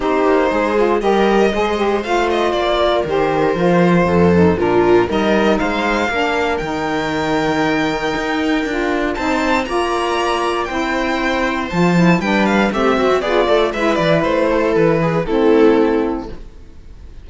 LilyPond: <<
  \new Staff \with { instrumentName = "violin" } { \time 4/4 \tempo 4 = 118 c''2 dis''2 | f''8 dis''8 d''4 c''2~ | c''4 ais'4 dis''4 f''4~ | f''4 g''2.~ |
g''2 a''4 ais''4~ | ais''4 g''2 a''4 | g''8 f''8 e''4 d''4 e''8 d''8 | c''4 b'4 a'2 | }
  \new Staff \with { instrumentName = "viola" } { \time 4/4 g'4 gis'4 ais'4 c''4~ | c''4. ais'2~ ais'8 | a'4 f'4 ais'4 c''4 | ais'1~ |
ais'2 c''4 d''4~ | d''4 c''2. | b'4 g'8 fis'8 gis'8 a'8 b'4~ | b'8 a'4 gis'8 e'2 | }
  \new Staff \with { instrumentName = "saxophone" } { \time 4/4 dis'4. f'8 g'4 gis'8 g'8 | f'2 g'4 f'4~ | f'8 dis'8 d'4 dis'2 | d'4 dis'2.~ |
dis'4 f'4 dis'4 f'4~ | f'4 e'2 f'8 e'8 | d'4 c'4 f'4 e'4~ | e'2 c'2 | }
  \new Staff \with { instrumentName = "cello" } { \time 4/4 c'8 ais8 gis4 g4 gis4 | a4 ais4 dis4 f4 | f,4 ais,4 g4 gis4 | ais4 dis2. |
dis'4 d'4 c'4 ais4~ | ais4 c'2 f4 | g4 a8 c'8 b8 a8 gis8 e8 | a4 e4 a2 | }
>>